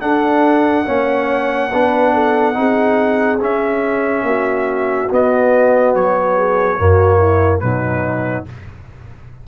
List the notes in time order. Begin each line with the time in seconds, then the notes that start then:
0.00 D4 A4 F#5
0.85 A#3 C#4 C#5
1.71 B3 D4 B4
2.14 A4
2.54 C4 D#4 G#4
3.39 C#4 E5
4.22 A#3 F#4
5.09 B3 D#5
5.94 F#3 C#5
6.36 G#4
6.77 F#2 A#3 F#4
7.17 E4
7.59 B2 F#3 D#4 B4